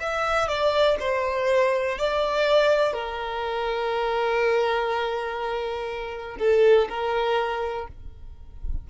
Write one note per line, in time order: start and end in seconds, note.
0.00 0.49 E5
0.49 0.98 D5
1.00 1.99 C5
1.99 2.93 D5
2.93 6.38 A#4
6.39 6.89 A4
6.89 7.88 A#4